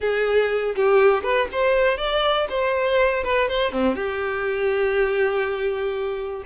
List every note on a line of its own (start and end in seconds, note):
0.00 0.75 G#4
0.75 1.23 G4
1.23 1.48 B4
1.52 1.97 C5
1.97 2.47 D5
2.49 3.23 C5
3.23 3.48 B4
3.48 3.72 C5
3.72 3.95 C4
3.95 6.43 G4